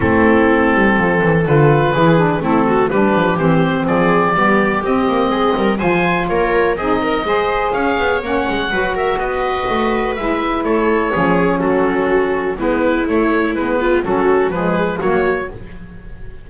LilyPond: <<
  \new Staff \with { instrumentName = "oboe" } { \time 4/4 \tempo 4 = 124 a'2. b'4~ | b'4 a'4 b'4 c''4 | d''2 dis''2 | gis''4 cis''4 dis''2 |
f''4 fis''4. e''8 dis''4~ | dis''4 e''4 cis''2 | a'2 b'4 cis''4 | b'4 a'4 b'4 cis''4 | }
  \new Staff \with { instrumentName = "viola" } { \time 4/4 e'2 a'2 | gis'4 e'8 fis'8 g'2 | gis'4 g'2 gis'8 ais'8 | c''4 ais'4 gis'8 ais'8 c''4 |
cis''2 b'8 ais'8 b'4~ | b'2 a'4 gis'4 | fis'2 e'2~ | e'8 f'8 fis'4 gis'4 fis'4 | }
  \new Staff \with { instrumentName = "saxophone" } { \time 4/4 c'2. f'4 | e'8 d'8 c'4 d'4 c'4~ | c'4 b4 c'2 | f'2 dis'4 gis'4~ |
gis'4 cis'4 fis'2~ | fis'4 e'2 cis'4~ | cis'2 b4 a4 | b4 cis'4 gis4 ais4 | }
  \new Staff \with { instrumentName = "double bass" } { \time 4/4 a4. g8 f8 e8 d4 | e4 a4 g8 f8 e4 | f4 g4 c'8 ais8 gis8 g8 | f4 ais4 c'4 gis4 |
cis'8 b8 ais8 gis8 fis4 b4 | a4 gis4 a4 f4 | fis2 gis4 a4 | gis4 fis4 f4 fis4 | }
>>